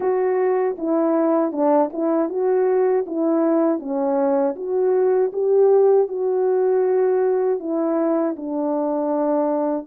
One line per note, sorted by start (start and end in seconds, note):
0.00 0.76 F#4
0.78 1.52 E4
1.52 1.90 D4
1.93 2.29 E4
2.29 3.05 F#4
3.06 3.79 E4
3.79 4.55 C#4
4.55 5.31 F#4
5.32 6.08 G4
6.08 7.59 F#4
7.59 8.35 E4
8.36 9.86 D4